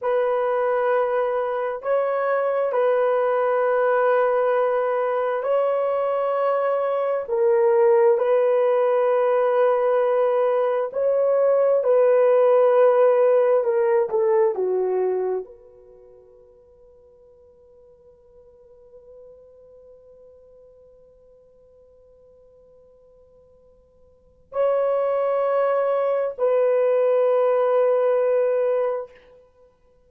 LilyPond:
\new Staff \with { instrumentName = "horn" } { \time 4/4 \tempo 4 = 66 b'2 cis''4 b'4~ | b'2 cis''2 | ais'4 b'2. | cis''4 b'2 ais'8 a'8 |
fis'4 b'2.~ | b'1~ | b'2. cis''4~ | cis''4 b'2. | }